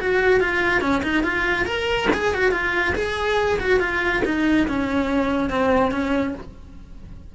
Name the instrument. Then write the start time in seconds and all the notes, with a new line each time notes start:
cello
0.00 F#4
0.40 F4
0.80 C#4
1.03 D#4
1.23 F4
1.65 A#4
2.13 G#4
2.34 F#4
2.51 F4
2.95 G#4
3.59 F#4
3.79 F4
4.25 D#4
4.67 C#4
5.50 C4
5.91 C#4